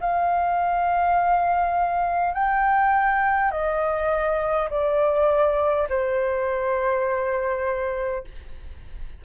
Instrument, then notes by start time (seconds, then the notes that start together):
flute
0.00 F5
2.34 G5
3.51 D#5
4.70 D5
5.89 C5